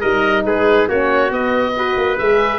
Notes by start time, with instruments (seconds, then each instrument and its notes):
0.00 tuba G3, horn D#4, trumpet A#4, oboe D#5
0.45 tuba G#3, trumpet G#4, oboe B4
0.88 tuba A#3, horn C#4, trumpet F#4, oboe C#5
1.29 horn B3, tuba B3, oboe D#5
1.76 horn F#4, trumpet B4
1.97 tuba A#3
2.18 tuba G#3, horn G#4, oboe E5